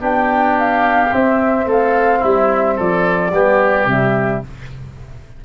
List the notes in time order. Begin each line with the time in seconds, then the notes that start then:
0.00 B3 D4 G4 G5
0.58 F5
1.11 C4 E5
1.66 A3 A4 F5
2.19 G3 E4 E5
2.76 F3 A4 D5
3.32 G3 B3 G4
3.86 C3 G3 E5